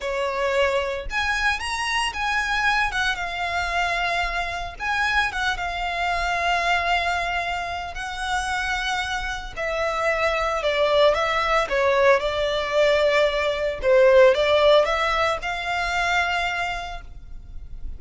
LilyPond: \new Staff \with { instrumentName = "violin" } { \time 4/4 \tempo 4 = 113 cis''2 gis''4 ais''4 | gis''4. fis''8 f''2~ | f''4 gis''4 fis''8 f''4.~ | f''2. fis''4~ |
fis''2 e''2 | d''4 e''4 cis''4 d''4~ | d''2 c''4 d''4 | e''4 f''2. | }